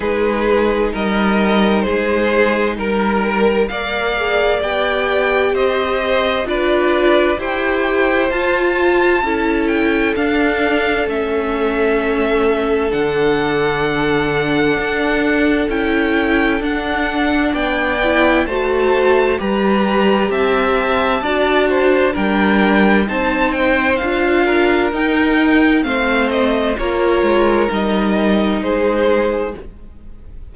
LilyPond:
<<
  \new Staff \with { instrumentName = "violin" } { \time 4/4 \tempo 4 = 65 b'4 dis''4 c''4 ais'4 | f''4 g''4 dis''4 d''4 | g''4 a''4. g''8 f''4 | e''2 fis''2~ |
fis''4 g''4 fis''4 g''4 | a''4 ais''4 a''2 | g''4 a''8 g''8 f''4 g''4 | f''8 dis''8 cis''4 dis''4 c''4 | }
  \new Staff \with { instrumentName = "violin" } { \time 4/4 gis'4 ais'4 gis'4 ais'4 | d''2 c''4 b'4 | c''2 a'2~ | a'1~ |
a'2. d''4 | c''4 b'4 e''4 d''8 c''8 | ais'4 c''4. ais'4. | c''4 ais'2 gis'4 | }
  \new Staff \with { instrumentName = "viola" } { \time 4/4 dis'1 | ais'8 gis'8 g'2 f'4 | g'4 f'4 e'4 d'4 | cis'2 d'2~ |
d'4 e'4 d'4. e'8 | fis'4 g'2 fis'4 | d'4 dis'4 f'4 dis'4 | c'4 f'4 dis'2 | }
  \new Staff \with { instrumentName = "cello" } { \time 4/4 gis4 g4 gis4 g4 | ais4 b4 c'4 d'4 | e'4 f'4 cis'4 d'4 | a2 d2 |
d'4 cis'4 d'4 b4 | a4 g4 c'4 d'4 | g4 c'4 d'4 dis'4 | a4 ais8 gis8 g4 gis4 | }
>>